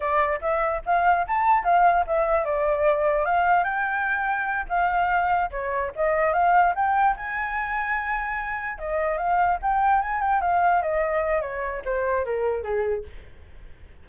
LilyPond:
\new Staff \with { instrumentName = "flute" } { \time 4/4 \tempo 4 = 147 d''4 e''4 f''4 a''4 | f''4 e''4 d''2 | f''4 g''2~ g''8 f''8~ | f''4. cis''4 dis''4 f''8~ |
f''8 g''4 gis''2~ gis''8~ | gis''4. dis''4 f''4 g''8~ | g''8 gis''8 g''8 f''4 dis''4. | cis''4 c''4 ais'4 gis'4 | }